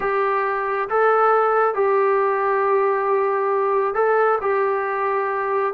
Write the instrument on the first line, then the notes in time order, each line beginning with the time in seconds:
trombone
0.00 G4
0.89 A4
1.74 G4
3.94 A4
4.41 G4